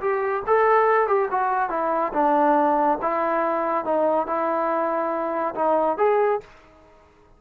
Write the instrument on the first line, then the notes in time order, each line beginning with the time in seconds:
trombone
0.00 G4
0.46 A4
1.07 G4
1.31 F#4
1.70 E4
2.13 D4
3.01 E4
3.85 D#4
4.26 E4
5.55 D#4
5.97 G#4